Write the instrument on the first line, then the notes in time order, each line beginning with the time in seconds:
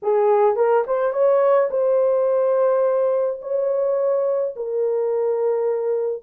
horn
0.02 G#4
0.55 A#4
0.86 C5
1.12 C#5
1.70 C5
3.41 C#5
4.56 A#4